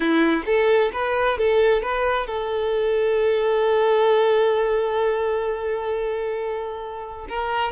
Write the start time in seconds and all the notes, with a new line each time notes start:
0.00 E4
0.46 A4
0.92 B4
1.38 A4
1.82 B4
2.26 A4
7.29 A#4